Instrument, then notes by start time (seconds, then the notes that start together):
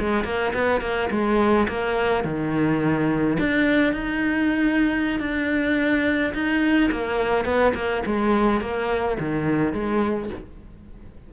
cello
0.00 G#3
0.25 A#3
0.55 B3
0.82 A#3
1.11 G#3
1.69 A#3
2.25 D#3
3.40 D4
3.94 D#4
5.20 D4
6.34 D#4
6.92 A#3
7.45 B3
7.75 A#3
8.06 G#3
8.61 A#3
9.20 D#3
9.74 G#3